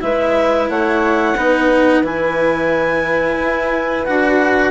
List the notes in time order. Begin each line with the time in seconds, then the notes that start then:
0.00 G#3 E4 B4 E5
0.70 A3 C#5 F#5
1.37 B3 D#4 B4
2.02 E3 E4 G#5
3.41 E4
4.05 D4 F#4 F#5